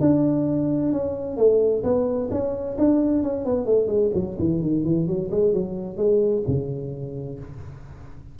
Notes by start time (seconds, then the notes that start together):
0.00 D4
0.92 C#4
1.37 A3
1.83 B3
2.31 C#4
2.78 D4
3.23 C#4
3.45 B3
3.65 A3
3.87 G#3
4.14 F#3
4.39 E3
4.62 D#3
4.84 E3
5.07 F#3
5.31 G#3
5.53 F#3
5.97 G#3
6.47 C#3